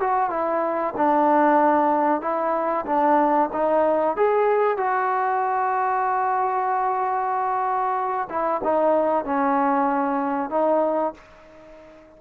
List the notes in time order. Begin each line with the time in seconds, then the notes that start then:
0.00 F#4
0.30 E4
0.97 D4
2.21 E4
2.86 D4
3.53 D#4
4.17 G#4
4.77 F#4
8.29 E4
8.63 D#4
9.25 C#4
10.50 D#4